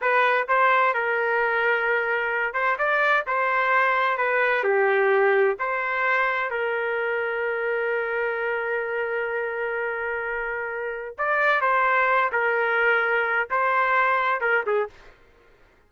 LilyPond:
\new Staff \with { instrumentName = "trumpet" } { \time 4/4 \tempo 4 = 129 b'4 c''4 ais'2~ | ais'4. c''8 d''4 c''4~ | c''4 b'4 g'2 | c''2 ais'2~ |
ais'1~ | ais'1 | d''4 c''4. ais'4.~ | ais'4 c''2 ais'8 gis'8 | }